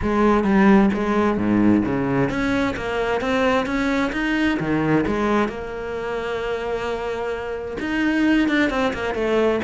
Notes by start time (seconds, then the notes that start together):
0.01 G#3
0.44 G3
0.93 G#3
1.37 G#2
1.85 C#3
2.29 C#4
2.76 A#3
3.21 C4
3.66 C#4
4.12 D#4
4.59 D#3
5.07 G#3
5.48 A#3
7.79 D#4
8.48 D4
8.70 C4
8.93 A#3
9.14 A3